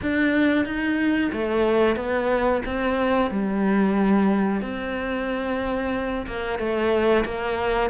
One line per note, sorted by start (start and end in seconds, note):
0.02 0.65 D4
0.65 1.31 D#4
1.32 1.95 A3
1.95 2.61 B3
2.65 3.30 C4
3.30 4.61 G3
4.61 6.26 C4
6.26 6.58 A#3
6.58 7.24 A3
7.24 7.90 A#3